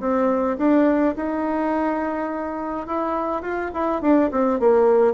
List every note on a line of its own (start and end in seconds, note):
0.00 0.57 C4
0.58 1.15 D4
1.16 2.87 D#4
2.87 3.42 E4
3.42 3.71 F4
3.74 4.02 E4
4.02 4.30 D4
4.31 4.60 C4
4.60 5.14 A#3